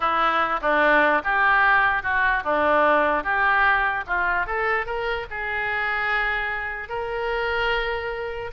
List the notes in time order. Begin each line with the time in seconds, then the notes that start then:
0.00 E4
0.61 D4
1.24 G4
2.03 F#4
2.44 D4
3.23 G4
4.06 F4
4.46 A4
4.85 A#4
5.30 G#4
6.88 A#4